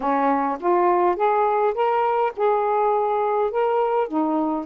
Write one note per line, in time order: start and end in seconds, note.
0.00 0.58 C#4
0.60 1.15 F4
1.15 1.74 G#4
1.74 2.32 A#4
2.36 3.51 G#4
3.51 4.08 A#4
4.08 4.65 D#4